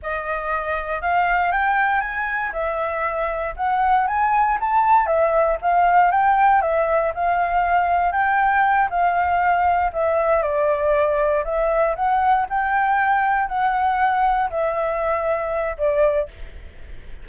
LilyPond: \new Staff \with { instrumentName = "flute" } { \time 4/4 \tempo 4 = 118 dis''2 f''4 g''4 | gis''4 e''2 fis''4 | gis''4 a''4 e''4 f''4 | g''4 e''4 f''2 |
g''4. f''2 e''8~ | e''8 d''2 e''4 fis''8~ | fis''8 g''2 fis''4.~ | fis''8 e''2~ e''8 d''4 | }